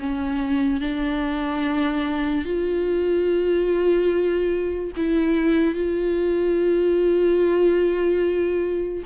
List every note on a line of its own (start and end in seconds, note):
0.00 0.81 C#4
0.81 2.45 D4
2.45 4.92 F4
4.97 5.75 E4
5.75 9.04 F4